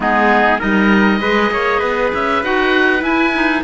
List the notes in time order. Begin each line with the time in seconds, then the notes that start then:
0.00 G#3 B3 D#4 G#4
0.59 G3 D#4 A#4 D#5
1.20 G#3 G#4 B4
1.51 A#3 C#5
1.79 B3 B4
2.14 C#4 E5
2.43 D#4 F#4 F#5
2.99 E4 G#5
3.34 D#4